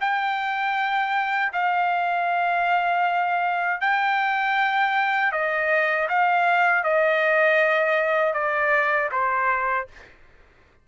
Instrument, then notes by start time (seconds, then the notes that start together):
trumpet
0.00 G5
1.53 F5
3.81 G5
5.32 D#5
6.09 F5
6.83 D#5
8.33 D5
9.12 C5